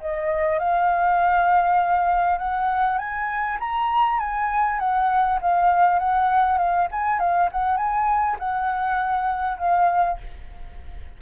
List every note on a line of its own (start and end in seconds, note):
0.00 0.59 D#5
0.59 2.38 F5
2.38 2.98 F#5
2.98 3.58 G#5
3.59 4.19 A#5
4.19 4.79 G#5
4.79 5.39 F#5
5.41 5.99 F5
5.99 6.58 F#5
6.58 6.88 F5
6.91 7.19 G#5
7.19 7.49 F5
7.52 7.77 F#5
7.77 8.37 G#5
8.39 9.58 F#5
9.58 10.18 F5